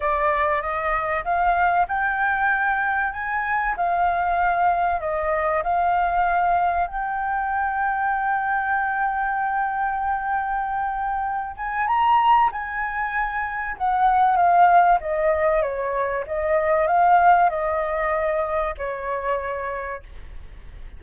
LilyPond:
\new Staff \with { instrumentName = "flute" } { \time 4/4 \tempo 4 = 96 d''4 dis''4 f''4 g''4~ | g''4 gis''4 f''2 | dis''4 f''2 g''4~ | g''1~ |
g''2~ g''8 gis''8 ais''4 | gis''2 fis''4 f''4 | dis''4 cis''4 dis''4 f''4 | dis''2 cis''2 | }